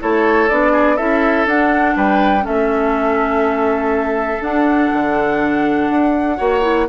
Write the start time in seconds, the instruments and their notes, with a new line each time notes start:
0.00 bassoon A3, clarinet E4, oboe A4, flute C#5
0.49 bassoon B3, clarinet D4, flute D5
0.73 oboe G#4
0.97 bassoon C#4, clarinet E4, oboe A4, flute E5
1.46 bassoon D4, clarinet D4, flute F#5
1.96 bassoon G3, oboe B4, flute G5
2.41 clarinet C#4, oboe A4, flute E5
2.48 bassoon A3
4.41 bassoon D4, clarinet D4, flute F#5
4.94 bassoon D3
5.90 bassoon D4
6.37 bassoon A#3, clarinet F#4, oboe C#5
6.62 clarinet E4